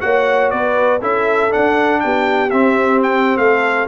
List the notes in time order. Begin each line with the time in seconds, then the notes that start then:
0.00 A#3 F#4 C#5 F#5
0.50 B3 B4 D5
1.00 C#4 E4 A4 E5
1.50 D4 F#5
2.00 B3 G4 G5
2.50 C4 E5
3.02 G5
3.37 A3 A4 F5